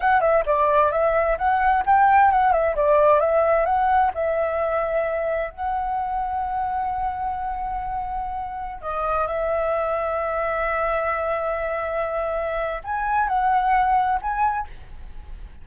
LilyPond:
\new Staff \with { instrumentName = "flute" } { \time 4/4 \tempo 4 = 131 fis''8 e''8 d''4 e''4 fis''4 | g''4 fis''8 e''8 d''4 e''4 | fis''4 e''2. | fis''1~ |
fis''2.~ fis''16 dis''8.~ | dis''16 e''2.~ e''8.~ | e''1 | gis''4 fis''2 gis''4 | }